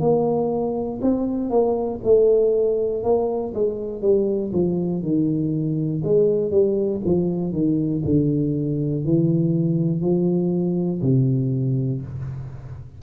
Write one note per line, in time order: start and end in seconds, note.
0.00 1.00 A#3
1.02 1.50 C4
1.50 2.00 A#3
2.03 3.03 A3
3.03 3.53 A#3
3.54 4.01 G#3
4.01 4.51 G3
4.52 5.02 F3
5.02 6.02 D#3
6.04 6.51 G#3
6.51 7.01 G3
7.05 7.52 F3
7.52 8.02 D#3
8.05 9.05 D3
9.05 10.01 E3
10.01 11.01 F3
11.02 12.02 C3